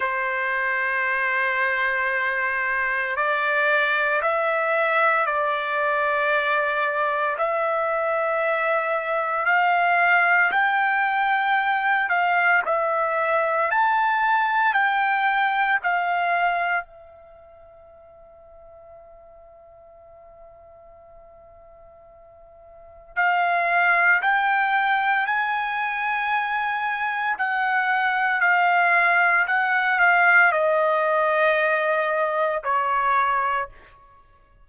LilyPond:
\new Staff \with { instrumentName = "trumpet" } { \time 4/4 \tempo 4 = 57 c''2. d''4 | e''4 d''2 e''4~ | e''4 f''4 g''4. f''8 | e''4 a''4 g''4 f''4 |
e''1~ | e''2 f''4 g''4 | gis''2 fis''4 f''4 | fis''8 f''8 dis''2 cis''4 | }